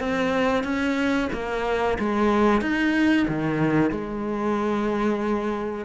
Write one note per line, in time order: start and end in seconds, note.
0.00 0.64 C4
0.64 1.29 C#4
1.33 1.98 A#3
1.99 2.61 G#3
2.61 3.27 D#4
3.28 3.91 D#3
3.91 5.85 G#3